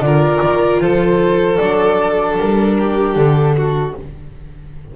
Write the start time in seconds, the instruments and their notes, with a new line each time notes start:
0.00 double bass D3, viola F4, violin A#4, flute D5
0.42 double bass D#3
0.80 double bass F3, violin A4, flute C5
1.57 double bass F#3, viola D4, flute D5
2.38 double bass G3, flute A#4
2.77 violin G4
3.15 double bass D3, flute A4
3.57 violin F#4